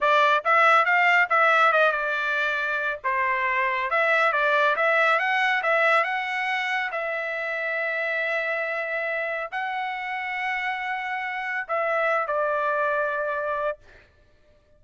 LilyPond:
\new Staff \with { instrumentName = "trumpet" } { \time 4/4 \tempo 4 = 139 d''4 e''4 f''4 e''4 | dis''8 d''2~ d''8 c''4~ | c''4 e''4 d''4 e''4 | fis''4 e''4 fis''2 |
e''1~ | e''2 fis''2~ | fis''2. e''4~ | e''8 d''2.~ d''8 | }